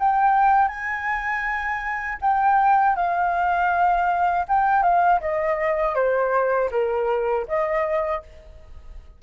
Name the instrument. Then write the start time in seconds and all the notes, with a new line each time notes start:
flute
0.00 G5
0.68 G#5
2.21 G5
2.96 F5
4.48 G5
4.82 F5
5.21 D#5
5.95 C5
6.71 A#4
7.48 D#5